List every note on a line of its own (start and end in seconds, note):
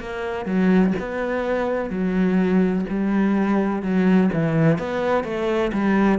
0.00 0.45 A#3
0.45 0.93 F#3
0.99 1.90 B3
1.90 2.85 F#3
2.89 3.82 G3
3.82 4.30 F#3
4.33 4.78 E3
4.78 5.24 B3
5.24 5.71 A3
5.73 6.19 G3